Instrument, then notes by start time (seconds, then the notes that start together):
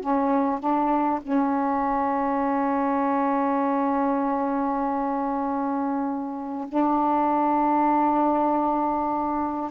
saxophone
0.00 C#4
0.59 D4
1.21 C#4
6.68 D4